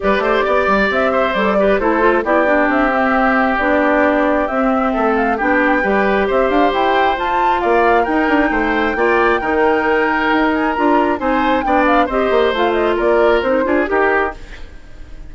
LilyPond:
<<
  \new Staff \with { instrumentName = "flute" } { \time 4/4 \tempo 4 = 134 d''2 e''4 d''4 | c''4 d''4 e''2 | d''2 e''4. f''8 | g''2 e''8 f''8 g''4 |
a''4 f''4 g''2~ | g''2.~ g''8 gis''8 | ais''4 gis''4 g''8 f''8 dis''4 | f''8 dis''8 d''4 c''4 ais'4 | }
  \new Staff \with { instrumentName = "oboe" } { \time 4/4 b'8 c''8 d''4. c''4 b'8 | a'4 g'2.~ | g'2. a'4 | g'4 b'4 c''2~ |
c''4 d''4 ais'4 c''4 | d''4 ais'2.~ | ais'4 c''4 d''4 c''4~ | c''4 ais'4. gis'8 g'4 | }
  \new Staff \with { instrumentName = "clarinet" } { \time 4/4 g'2. a'8 g'8 | e'8 f'8 e'8 d'4 c'4. | d'2 c'2 | d'4 g'2. |
f'2 dis'2 | f'4 dis'2. | f'4 dis'4 d'4 g'4 | f'2 dis'8 f'8 g'4 | }
  \new Staff \with { instrumentName = "bassoon" } { \time 4/4 g8 a8 b8 g8 c'4 g4 | a4 b4 c'2 | b2 c'4 a4 | b4 g4 c'8 d'8 e'4 |
f'4 ais4 dis'8 d'8 a4 | ais4 dis2 dis'4 | d'4 c'4 b4 c'8 ais8 | a4 ais4 c'8 d'8 dis'4 | }
>>